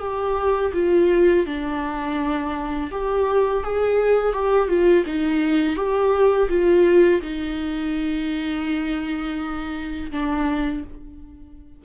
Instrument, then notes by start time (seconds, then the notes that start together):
viola
0.00 G4
0.74 F4
1.46 D4
2.91 G4
3.64 G#4
4.33 G4
4.69 F4
5.06 D#4
5.76 G4
6.49 F4
7.22 D#4
10.12 D4